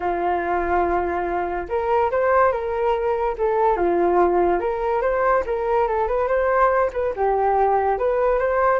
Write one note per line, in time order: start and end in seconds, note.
0.00 1.68 F4
1.68 2.10 A#4
2.11 2.52 C5
2.52 3.36 A#4
3.38 3.76 A4
3.76 4.60 F4
4.60 5.01 A#4
5.01 5.43 C5
5.46 5.87 A#4
5.87 6.07 A4
6.07 6.27 B4
6.27 6.90 C5
6.92 7.13 B4
7.16 7.98 G4
7.98 8.39 B4
8.39 8.79 C5